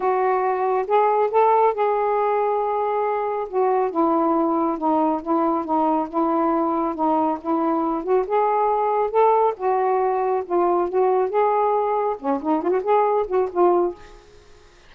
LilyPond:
\new Staff \with { instrumentName = "saxophone" } { \time 4/4 \tempo 4 = 138 fis'2 gis'4 a'4 | gis'1 | fis'4 e'2 dis'4 | e'4 dis'4 e'2 |
dis'4 e'4. fis'8 gis'4~ | gis'4 a'4 fis'2 | f'4 fis'4 gis'2 | cis'8 dis'8 f'16 fis'16 gis'4 fis'8 f'4 | }